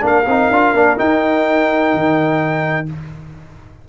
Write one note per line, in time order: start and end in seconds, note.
0.00 0.26 A#3
0.00 0.24 D4
0.00 2.87 A#4
0.06 0.99 F5
0.26 0.50 C4
0.26 0.53 D#4
0.51 0.74 D4
0.51 0.75 F4
0.74 0.97 A#3
0.74 0.97 D4
0.97 2.86 D#4
0.97 1.94 D#4
0.97 2.88 G5
1.94 2.89 D#3